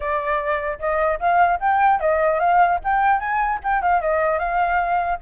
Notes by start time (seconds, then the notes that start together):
0.00 D5
0.79 D#5
1.19 F5
1.59 G5
2.00 D#5
2.39 F5
2.84 G5
3.19 G#5
3.63 G5
3.81 F5
4.01 D#5
4.39 F5